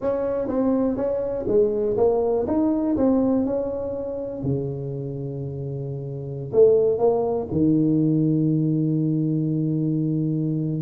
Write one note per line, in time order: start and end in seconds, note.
0.01 0.47 C#4
0.47 0.96 C4
0.96 1.45 C#4
1.47 1.96 G#3
1.97 2.46 A#3
2.47 2.96 D#4
2.96 3.45 C4
3.45 4.42 C#4
4.42 6.51 C#3
6.52 6.98 A3
6.98 7.47 A#3
7.51 10.82 D#3